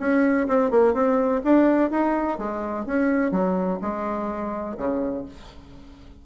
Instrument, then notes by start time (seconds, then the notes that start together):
bassoon
0.00 C#4
0.48 C4
0.71 A#3
0.94 C4
1.45 D4
1.91 D#4
2.39 G#3
2.86 C#4
3.32 F#3
3.82 G#3
4.78 C#3